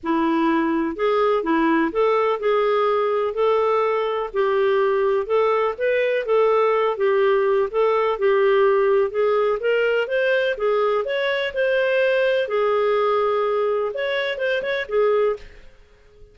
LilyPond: \new Staff \with { instrumentName = "clarinet" } { \time 4/4 \tempo 4 = 125 e'2 gis'4 e'4 | a'4 gis'2 a'4~ | a'4 g'2 a'4 | b'4 a'4. g'4. |
a'4 g'2 gis'4 | ais'4 c''4 gis'4 cis''4 | c''2 gis'2~ | gis'4 cis''4 c''8 cis''8 gis'4 | }